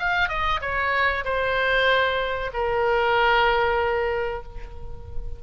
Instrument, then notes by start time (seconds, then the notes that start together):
oboe
0.00 F5
0.29 D#5
0.62 C#5
1.25 C5
2.54 A#4